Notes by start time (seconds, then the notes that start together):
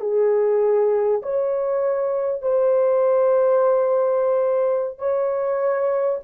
0.00 G#4
1.22 C#5
2.42 C5
4.98 C#5